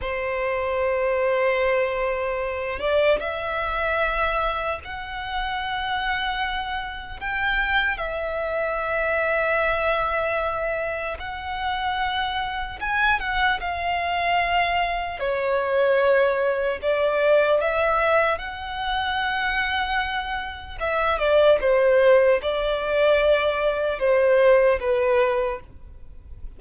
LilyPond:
\new Staff \with { instrumentName = "violin" } { \time 4/4 \tempo 4 = 75 c''2.~ c''8 d''8 | e''2 fis''2~ | fis''4 g''4 e''2~ | e''2 fis''2 |
gis''8 fis''8 f''2 cis''4~ | cis''4 d''4 e''4 fis''4~ | fis''2 e''8 d''8 c''4 | d''2 c''4 b'4 | }